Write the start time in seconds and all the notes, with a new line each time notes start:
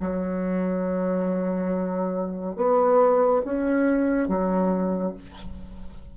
0.00 F#3
2.56 B3
3.44 C#4
4.28 F#3